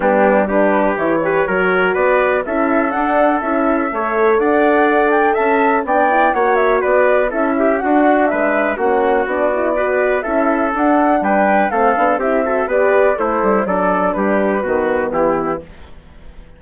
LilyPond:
<<
  \new Staff \with { instrumentName = "flute" } { \time 4/4 \tempo 4 = 123 g'4 b'4 cis''2 | d''4 e''4 fis''4 e''4~ | e''4 fis''4. g''8 a''4 | g''4 fis''8 e''8 d''4 e''4 |
fis''4 e''4 fis''4 d''4~ | d''4 e''4 fis''4 g''4 | f''4 e''4 d''4 c''4 | d''4 b'2 g'4 | }
  \new Staff \with { instrumentName = "trumpet" } { \time 4/4 d'4 g'4. b'8 ais'4 | b'4 a'2. | cis''4 d''2 e''4 | d''4 cis''4 b'4 a'8 g'8 |
fis'4 b'4 fis'2 | b'4 a'2 b'4 | a'4 g'8 a'8 b'4 e'4 | a'4 g'4 fis'4 e'4 | }
  \new Staff \with { instrumentName = "horn" } { \time 4/4 b4 d'4 e'8 g'8 fis'4~ | fis'4 e'4 d'4 e'4 | a'1 | d'8 e'8 fis'2 e'4 |
d'2 cis'4 d'8 e'8 | fis'4 e'4 d'2 | c'8 d'8 e'8 fis'8 g'4 a'4 | d'2 b2 | }
  \new Staff \with { instrumentName = "bassoon" } { \time 4/4 g2 e4 fis4 | b4 cis'4 d'4 cis'4 | a4 d'2 cis'4 | b4 ais4 b4 cis'4 |
d'4 gis4 ais4 b4~ | b4 cis'4 d'4 g4 | a8 b8 c'4 b4 a8 g8 | fis4 g4 dis4 e4 | }
>>